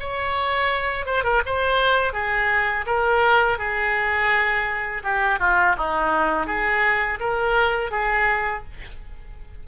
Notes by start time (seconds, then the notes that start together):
0.00 C#5
1.06 C5
1.24 A#4
1.46 C5
2.13 G#4
2.87 A#4
3.58 G#4
5.03 G4
5.40 F4
5.78 D#4
6.47 G#4
7.20 A#4
7.91 G#4